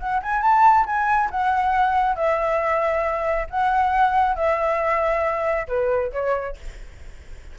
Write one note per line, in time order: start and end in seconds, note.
0.00 0.22 F#5
0.23 0.42 G#5
0.42 0.86 A5
0.86 1.30 G#5
1.31 2.16 F#5
2.16 3.48 E5
3.51 4.36 F#5
4.36 5.68 E5
5.68 6.12 B4
6.13 6.57 C#5